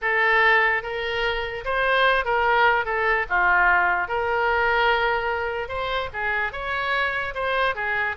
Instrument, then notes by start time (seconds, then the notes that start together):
oboe
0.01 A4
0.82 A#4
1.64 C5
2.24 A#4
2.85 A4
3.29 F4
4.08 A#4
5.68 C5
6.13 G#4
6.52 C#5
7.34 C5
7.75 G#4